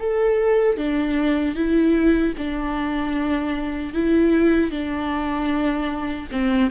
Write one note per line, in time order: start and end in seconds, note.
0.00 0.78 A4
0.78 1.55 D4
1.55 2.34 E4
2.38 3.94 D4
3.94 4.71 E4
4.71 6.29 D4
6.32 6.71 C4